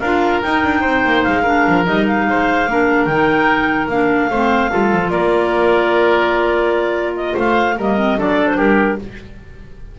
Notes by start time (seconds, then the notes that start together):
0.00 D4 F4 A#4 F5
0.42 D#4 G5
0.64 D4
0.81 C4 C5
1.05 A#3
1.23 G#3 F5
1.43 D4 A#4
1.68 F3
1.85 G3 D#4 D#5
2.07 F5
2.27 G#3 C5
2.67 A#3 D4 A#4
3.05 D#3 D#4 G5
3.88 A#3 D4 F5
4.30 A3 C4 C5
4.71 G3 F4 A4
4.92 F3
5.10 A#3 A#4 D5
7.16 D#5
7.34 A3 C5 F5
7.77 G3 A#3 A#4 D#5
7.97 C4
8.18 F#3 D4 A4 D5
8.48 C5
8.57 G3 G4 A#4